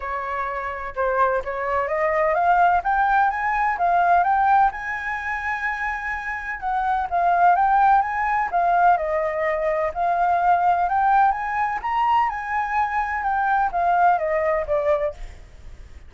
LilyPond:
\new Staff \with { instrumentName = "flute" } { \time 4/4 \tempo 4 = 127 cis''2 c''4 cis''4 | dis''4 f''4 g''4 gis''4 | f''4 g''4 gis''2~ | gis''2 fis''4 f''4 |
g''4 gis''4 f''4 dis''4~ | dis''4 f''2 g''4 | gis''4 ais''4 gis''2 | g''4 f''4 dis''4 d''4 | }